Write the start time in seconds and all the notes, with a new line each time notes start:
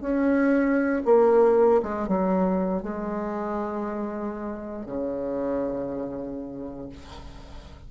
0.00 C#4
1.04 A#3
1.82 G#3
2.07 F#3
2.82 G#3
4.85 C#3